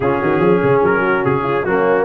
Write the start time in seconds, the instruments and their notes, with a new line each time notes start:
0.00 tuba C#3, trombone C#4, horn F4, trumpet G#4
0.21 tuba D#3, horn F#4
0.39 tuba F3, horn G#4
0.62 tuba C#3
0.82 tuba F#3, trumpet A#4
1.00 horn F#4
1.24 tuba C#3, trumpet G#4
1.42 horn F4
1.65 tuba F#3, trombone A#3, horn C#4, trumpet F#4